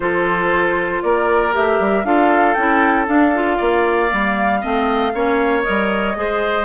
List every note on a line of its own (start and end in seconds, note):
0.00 1.02 F3
0.00 1.52 F4
0.00 1.03 A4
0.00 1.02 C5
1.02 1.54 A#3
1.02 2.06 A#4
1.02 1.53 D5
1.52 1.79 A3
1.52 2.04 G4
1.52 2.05 E5
1.79 2.04 G3
2.04 2.55 D4
2.04 2.56 F4
2.04 3.57 A4
2.04 2.54 F5
2.54 3.07 C#4
2.54 3.07 E4
2.54 3.05 G5
3.07 3.32 D4
3.07 3.59 D4
3.07 5.63 F5
3.34 4.10 F4
3.57 4.11 A#3
3.57 4.59 D5
4.10 4.63 G3
4.10 4.61 A#3
4.61 5.14 A3
4.61 5.12 C4
4.61 5.12 D#5
5.14 5.65 A#3
5.14 5.63 C#4
5.14 6.17 C#5
5.63 6.16 G3
5.63 6.14 A#4
5.63 6.64 D#5
6.15 6.64 G#3
6.15 6.64 G#4
6.15 6.64 C5